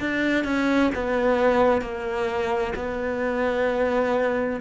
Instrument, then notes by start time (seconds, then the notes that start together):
cello
0.00 D4
0.44 C#4
0.94 B3
1.81 A#3
2.75 B3